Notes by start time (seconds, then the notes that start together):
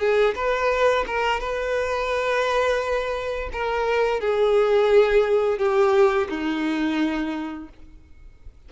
0.00 G#4
0.36 B4
1.07 A#4
1.40 B4
3.53 A#4
4.21 G#4
5.59 G4
6.29 D#4